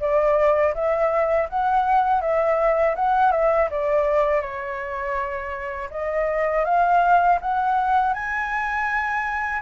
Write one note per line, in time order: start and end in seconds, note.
0.00 0.74 D5
0.74 1.48 E5
1.49 2.21 F#5
2.21 2.95 E5
2.96 3.32 F#5
3.32 3.69 E5
3.70 4.41 D5
4.41 5.89 C#5
5.91 6.65 D#5
6.65 7.39 F5
7.41 8.13 F#5
8.13 9.62 G#5